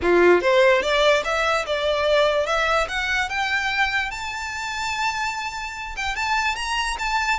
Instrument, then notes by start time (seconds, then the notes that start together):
violin
0.01 F4
0.41 C5
0.82 D5
1.24 E5
1.66 D5
2.46 E5
2.88 F#5
3.29 G5
4.10 A5
5.96 G5
6.15 A5
6.55 A#5
6.98 A5